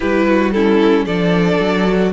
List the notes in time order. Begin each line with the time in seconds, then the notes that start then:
0.00 G3 E4 G4 B4
0.28 F#4
0.52 C#4 E4 A4
1.05 F3 D4 A4 D5
1.59 F#3
1.86 F#4